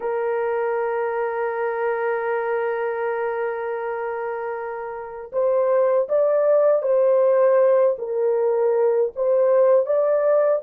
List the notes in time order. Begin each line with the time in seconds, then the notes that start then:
0.00 A#4
5.32 C5
6.08 D5
6.82 C5
7.98 A#4
9.15 C5
9.86 D5